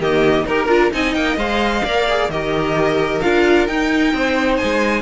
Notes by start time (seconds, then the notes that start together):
0.00 D#3 A#3 G4 D#5
0.47 D#4 G4 A#4
0.68 D4 F4
0.92 C4 D#4 D#5 G#5
1.15 A#3 G5
1.37 G#3 C5 F5
1.85 A#3 A#4 D5
2.09 G#4
2.29 D#3 G4 A#4 D#5
3.22 D4 F4 F5
3.68 D#4 G5
4.14 C4 C5
4.57 G#5
4.64 G#3